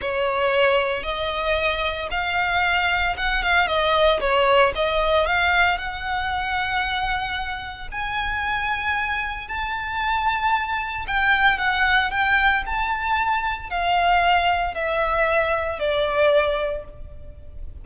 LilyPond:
\new Staff \with { instrumentName = "violin" } { \time 4/4 \tempo 4 = 114 cis''2 dis''2 | f''2 fis''8 f''8 dis''4 | cis''4 dis''4 f''4 fis''4~ | fis''2. gis''4~ |
gis''2 a''2~ | a''4 g''4 fis''4 g''4 | a''2 f''2 | e''2 d''2 | }